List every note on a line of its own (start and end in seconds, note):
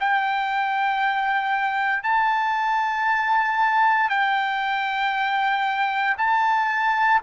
0.00 2.03 G5
2.03 4.10 A5
4.10 6.16 G5
6.18 7.21 A5